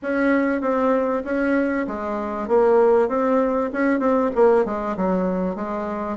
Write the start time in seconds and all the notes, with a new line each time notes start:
0.02 C#4
0.61 C4
1.24 C#4
1.87 G#3
2.47 A#3
3.08 C4
3.72 C#4
3.99 C4
4.35 A#3
4.65 G#3
4.96 F#3
5.55 G#3